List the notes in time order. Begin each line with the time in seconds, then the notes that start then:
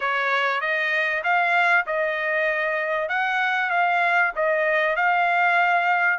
0.00 C#5
0.60 D#5
1.23 F5
1.86 D#5
3.08 F#5
3.70 F5
4.35 D#5
4.96 F5